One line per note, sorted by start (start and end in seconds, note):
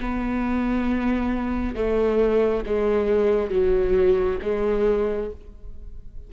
0.00 1.75 B3
1.75 2.64 A3
2.66 3.51 G#3
3.51 4.39 F#3
4.42 5.30 G#3